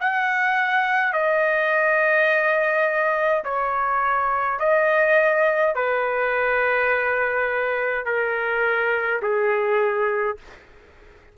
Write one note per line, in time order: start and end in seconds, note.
0.00 1.12 F#5
1.12 3.43 D#5
3.44 4.59 C#5
4.59 5.74 D#5
5.75 8.05 B4
8.05 9.20 A#4
9.22 10.37 G#4